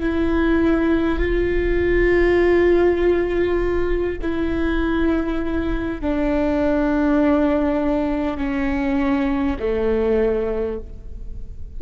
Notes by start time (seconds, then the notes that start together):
0.00 E4
1.19 F4
4.22 E4
6.01 D4
8.37 C#4
9.59 A3